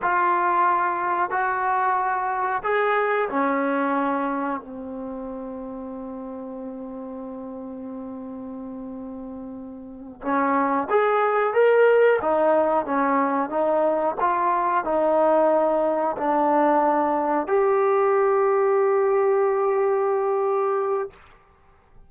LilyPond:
\new Staff \with { instrumentName = "trombone" } { \time 4/4 \tempo 4 = 91 f'2 fis'2 | gis'4 cis'2 c'4~ | c'1~ | c'2.~ c'8 cis'8~ |
cis'8 gis'4 ais'4 dis'4 cis'8~ | cis'8 dis'4 f'4 dis'4.~ | dis'8 d'2 g'4.~ | g'1 | }